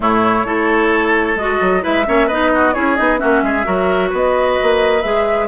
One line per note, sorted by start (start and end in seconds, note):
0.00 0.44 A2
0.00 0.45 A3
0.00 0.46 E4
0.00 1.37 C#5
0.44 1.35 A3
0.44 1.37 E4
0.44 1.82 A4
1.35 1.58 G#3
1.35 1.81 F#4
1.35 1.83 D#5
1.61 1.83 F#3
1.81 2.07 G#3
1.81 2.04 E4
1.81 2.05 B4
1.81 2.28 E5
2.05 2.30 A#3
2.05 2.28 C#4
2.05 2.27 C#5
2.27 2.76 B3
2.27 2.73 D#4
2.27 2.50 B4
2.27 2.73 D#5
2.54 2.74 F#4
2.73 2.99 C#4
2.73 2.96 E4
2.73 3.19 G#4
2.73 2.95 C#5
2.95 3.22 B3
2.95 3.17 D#4
2.95 3.18 D#5
3.17 3.42 A#3
3.17 3.63 C#4
3.17 3.43 F#4
3.17 4.10 E5
3.42 3.65 G#3
3.42 3.66 G#4
3.63 4.12 F#3
3.63 5.00 F#4
3.63 4.09 A#4
4.09 4.58 B3
4.09 5.47 B4
4.09 5.01 D#5
4.62 5.04 A#3
5.01 5.48 G#3
5.01 5.48 G#4
5.01 5.47 E5